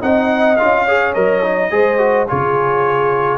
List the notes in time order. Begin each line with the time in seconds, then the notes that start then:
0.00 C4 D#4 D#5 F#5
0.56 C#4 F4 F5
0.85 G#4 C#5
1.13 F#3 A#4 D#5
1.42 D#4
1.70 G#3 G#4 C5
1.98 F#4
2.27 C#3 F4 G#4 C#5